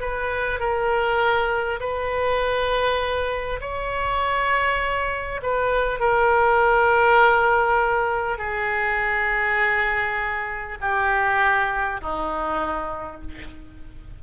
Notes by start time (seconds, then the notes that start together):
0.00 B4
0.59 A#4
1.80 B4
3.61 C#5
5.43 B4
6.00 A#4
8.38 G#4
10.81 G4
12.01 D#4